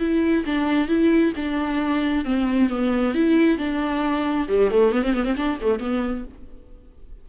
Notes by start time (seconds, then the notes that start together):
0.00 E4
0.46 D4
0.89 E4
1.36 D4
2.25 C4
2.70 B3
3.15 E4
3.58 D4
4.49 G3
4.71 A3
4.92 B3
5.04 C4
5.15 B3
5.25 C4
5.37 D4
5.62 A3
5.80 B3